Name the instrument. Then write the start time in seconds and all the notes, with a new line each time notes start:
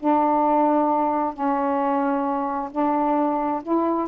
saxophone
0.00 D4
1.34 C#4
2.71 D4
3.63 E4